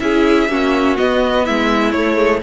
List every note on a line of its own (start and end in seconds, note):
0.00 0.48 C#4
0.00 0.49 E4
0.00 0.51 G#4
0.00 0.97 E5
0.48 0.97 A#3
0.48 0.96 C#4
0.48 1.45 F#4
0.96 1.93 B3
0.96 1.48 B3
0.96 1.46 D#5
1.45 1.93 G#3
1.45 2.42 E4
1.45 1.92 E5
1.92 2.42 A3
1.92 2.15 A3
1.92 2.40 C#5
2.15 2.39 G#3